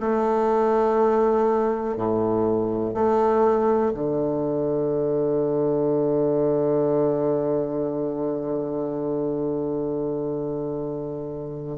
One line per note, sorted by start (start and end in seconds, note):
0.00 1.97 A3
1.97 2.94 A2
2.94 3.93 A3
3.94 11.78 D3